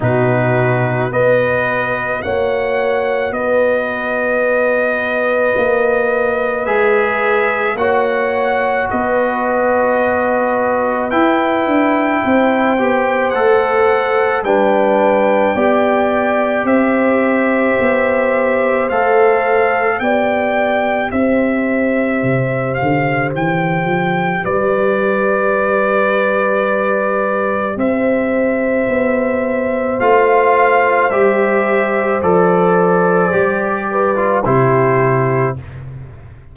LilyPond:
<<
  \new Staff \with { instrumentName = "trumpet" } { \time 4/4 \tempo 4 = 54 b'4 dis''4 fis''4 dis''4~ | dis''2 e''4 fis''4 | dis''2 g''2 | fis''4 g''2 e''4~ |
e''4 f''4 g''4 e''4~ | e''8 f''8 g''4 d''2~ | d''4 e''2 f''4 | e''4 d''2 c''4 | }
  \new Staff \with { instrumentName = "horn" } { \time 4/4 fis'4 b'4 cis''4 b'4~ | b'2. cis''4 | b'2. c''4~ | c''4 b'4 d''4 c''4~ |
c''2 d''4 c''4~ | c''2 b'2~ | b'4 c''2.~ | c''2~ c''8 b'8 g'4 | }
  \new Staff \with { instrumentName = "trombone" } { \time 4/4 dis'4 fis'2.~ | fis'2 gis'4 fis'4~ | fis'2 e'4. g'8 | a'4 d'4 g'2~ |
g'4 a'4 g'2~ | g'1~ | g'2. f'4 | g'4 a'4 g'8. f'16 e'4 | }
  \new Staff \with { instrumentName = "tuba" } { \time 4/4 b,4 b4 ais4 b4~ | b4 ais4 gis4 ais4 | b2 e'8 d'8 c'8 b8 | a4 g4 b4 c'4 |
b4 a4 b4 c'4 | c8 d8 e8 f8 g2~ | g4 c'4 b4 a4 | g4 f4 g4 c4 | }
>>